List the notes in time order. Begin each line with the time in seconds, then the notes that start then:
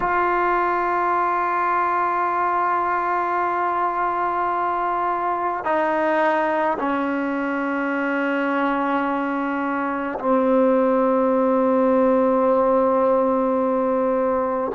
0.00 F4
5.64 D#4
6.78 C#4
10.18 C4